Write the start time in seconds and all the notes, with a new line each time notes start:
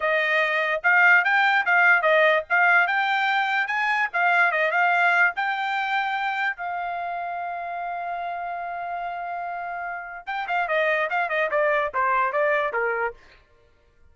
0.00 D#5
0.83 F5
1.24 G5
1.65 F5
2.02 D#5
2.49 F5
2.87 G5
3.67 G#5
4.13 F5
4.51 D#5
4.71 F5
5.36 G5
6.56 F5
10.26 G5
10.47 F5
10.68 D#5
11.10 F5
11.29 D#5
11.50 D5
11.93 C5
12.32 D5
12.72 A#4